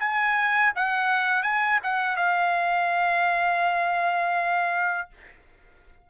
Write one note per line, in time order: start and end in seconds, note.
0.00 0.73 G#5
0.76 1.43 F#5
1.43 1.80 G#5
1.83 2.17 F#5
2.17 5.10 F5